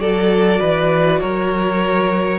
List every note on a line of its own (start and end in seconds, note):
0.00 0.60 F#3
0.00 2.40 F#4
0.00 0.60 A4
0.00 1.21 D5
0.60 1.22 E3
0.60 1.20 B4
1.21 2.40 F#3
1.21 2.40 A#4
1.21 2.40 C#5